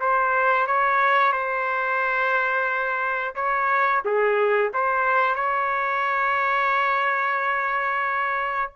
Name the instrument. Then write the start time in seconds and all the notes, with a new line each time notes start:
trumpet
0.00 C5
0.67 C#5
1.32 C5
3.35 C#5
4.04 G#4
4.73 C5
5.35 C#5